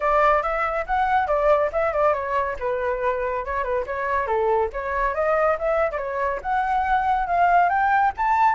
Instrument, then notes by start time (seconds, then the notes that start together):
flute
0.00 D5
0.42 E5
0.86 F#5
1.27 D5
1.72 E5
1.92 D5
2.13 C#5
2.59 B4
3.45 C#5
3.63 B4
3.86 C#5
4.26 A4
4.72 C#5
5.14 D#5
5.58 E5
5.91 D5
5.97 C#5
6.42 F#5
7.26 F5
7.69 G5
8.17 A5